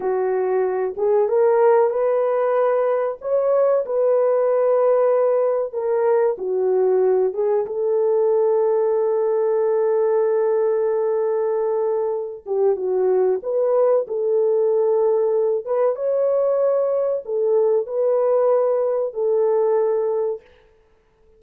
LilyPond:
\new Staff \with { instrumentName = "horn" } { \time 4/4 \tempo 4 = 94 fis'4. gis'8 ais'4 b'4~ | b'4 cis''4 b'2~ | b'4 ais'4 fis'4. gis'8 | a'1~ |
a'2.~ a'8 g'8 | fis'4 b'4 a'2~ | a'8 b'8 cis''2 a'4 | b'2 a'2 | }